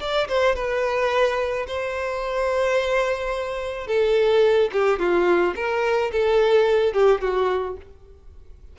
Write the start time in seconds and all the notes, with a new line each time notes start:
0.00 D5
0.29 C5
0.56 B4
1.67 C5
3.88 A4
4.73 G4
4.99 F4
5.56 A#4
6.12 A4
6.94 G4
7.21 F#4